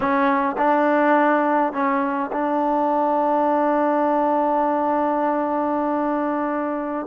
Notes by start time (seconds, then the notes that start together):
0.00 C#4
0.57 D4
1.73 C#4
2.32 D4